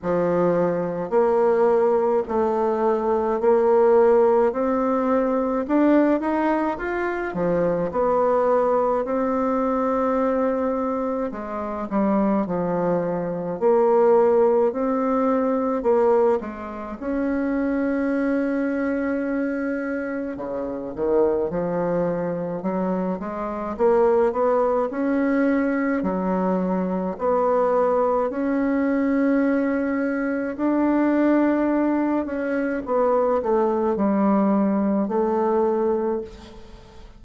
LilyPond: \new Staff \with { instrumentName = "bassoon" } { \time 4/4 \tempo 4 = 53 f4 ais4 a4 ais4 | c'4 d'8 dis'8 f'8 f8 b4 | c'2 gis8 g8 f4 | ais4 c'4 ais8 gis8 cis'4~ |
cis'2 cis8 dis8 f4 | fis8 gis8 ais8 b8 cis'4 fis4 | b4 cis'2 d'4~ | d'8 cis'8 b8 a8 g4 a4 | }